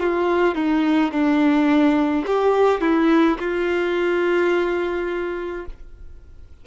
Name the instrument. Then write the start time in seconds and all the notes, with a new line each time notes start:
violin
0.00 F4
0.56 D#4
1.12 D4
2.27 G4
2.81 E4
3.40 F4